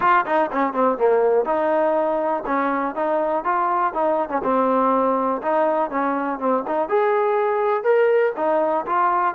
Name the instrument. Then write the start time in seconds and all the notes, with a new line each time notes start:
trombone
0.00 F4
0.25 D#4
0.51 C#4
0.73 C4
0.97 A#3
1.45 D#4
2.46 C#4
2.95 D#4
3.44 F4
3.93 D#4
4.29 C#4
4.43 C4
5.42 D#4
5.90 C#4
6.39 C4
6.67 D#4
6.89 G#4
7.83 A#4
8.36 D#4
8.86 F4